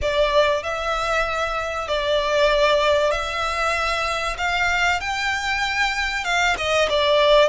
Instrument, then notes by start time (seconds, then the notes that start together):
violin
0.01 D5
0.63 E5
1.88 D5
3.11 E5
4.38 F5
5.00 G5
6.24 F5
6.57 D#5
6.89 D5